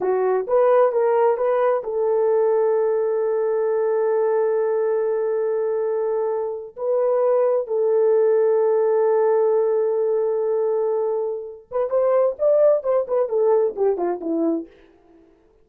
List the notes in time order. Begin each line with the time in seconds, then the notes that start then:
0.00 F#4
0.47 B4
0.92 A#4
1.37 B4
1.83 A4
6.76 B4
7.67 A4
11.71 B4
11.90 C5
12.38 D5
12.83 C5
13.07 B4
13.28 A4
13.76 G4
13.97 F4
14.20 E4